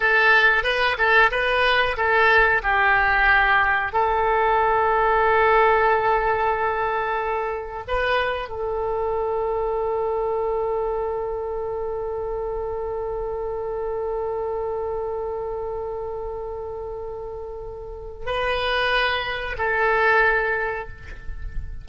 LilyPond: \new Staff \with { instrumentName = "oboe" } { \time 4/4 \tempo 4 = 92 a'4 b'8 a'8 b'4 a'4 | g'2 a'2~ | a'1 | b'4 a'2.~ |
a'1~ | a'1~ | a'1 | b'2 a'2 | }